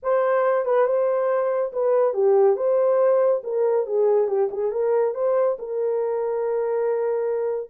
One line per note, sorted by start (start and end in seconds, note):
0.02 0.65 C5
0.65 0.86 B4
0.86 1.71 C5
1.72 2.13 B4
2.13 2.56 G4
2.56 3.42 C5
3.43 3.86 A#4
3.86 4.27 G#4
4.27 4.49 G4
4.51 4.71 G#4
4.71 5.14 A#4
5.14 5.57 C5
5.58 7.70 A#4